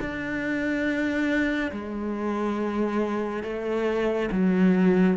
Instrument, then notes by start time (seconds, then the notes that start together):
cello
0.00 D4
1.72 G#3
3.43 A3
4.32 F#3